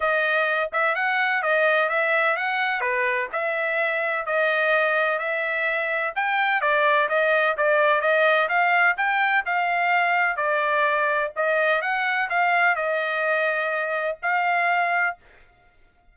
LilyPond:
\new Staff \with { instrumentName = "trumpet" } { \time 4/4 \tempo 4 = 127 dis''4. e''8 fis''4 dis''4 | e''4 fis''4 b'4 e''4~ | e''4 dis''2 e''4~ | e''4 g''4 d''4 dis''4 |
d''4 dis''4 f''4 g''4 | f''2 d''2 | dis''4 fis''4 f''4 dis''4~ | dis''2 f''2 | }